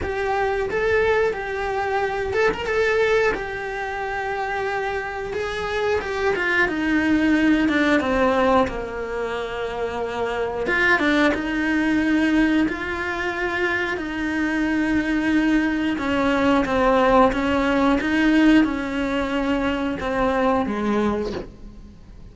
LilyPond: \new Staff \with { instrumentName = "cello" } { \time 4/4 \tempo 4 = 90 g'4 a'4 g'4. a'16 ais'16 | a'4 g'2. | gis'4 g'8 f'8 dis'4. d'8 | c'4 ais2. |
f'8 d'8 dis'2 f'4~ | f'4 dis'2. | cis'4 c'4 cis'4 dis'4 | cis'2 c'4 gis4 | }